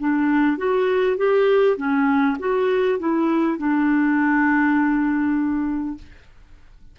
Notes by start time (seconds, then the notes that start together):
0.00 D4
0.58 F#4
1.18 G4
1.78 C#4
2.39 F#4
2.99 E4
3.58 D4